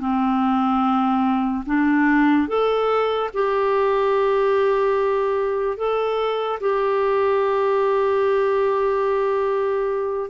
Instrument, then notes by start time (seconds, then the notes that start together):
clarinet
0.00 C4
1.67 D4
2.48 A4
3.34 G4
5.78 A4
6.61 G4